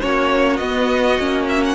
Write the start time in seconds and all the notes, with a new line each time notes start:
0.00 A#3 C#4 F#4 C#5
0.56 B3 D#5
1.19 A#3 C#4
1.49 E5
1.63 F#5